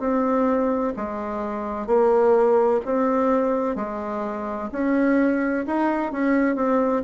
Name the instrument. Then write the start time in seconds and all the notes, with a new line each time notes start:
bassoon
0.00 C4
0.97 G#3
1.87 A#3
2.86 C4
3.76 G#3
4.72 C#4
5.67 D#4
6.12 C#4
6.56 C4